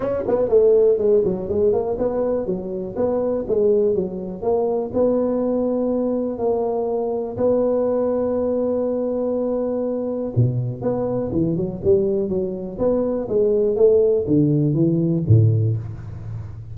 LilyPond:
\new Staff \with { instrumentName = "tuba" } { \time 4/4 \tempo 4 = 122 cis'8 b8 a4 gis8 fis8 gis8 ais8 | b4 fis4 b4 gis4 | fis4 ais4 b2~ | b4 ais2 b4~ |
b1~ | b4 b,4 b4 e8 fis8 | g4 fis4 b4 gis4 | a4 d4 e4 a,4 | }